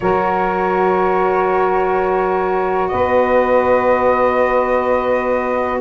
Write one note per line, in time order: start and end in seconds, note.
0.00 2.91 F#3
0.00 5.80 F#4
0.00 2.91 A#4
0.00 2.88 C#5
2.88 5.80 B3
2.88 5.80 B4
2.88 5.78 D#5